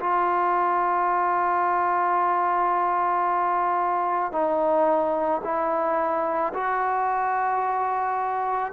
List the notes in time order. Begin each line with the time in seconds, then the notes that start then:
0.00 F4
4.32 D#4
5.44 E4
6.54 F#4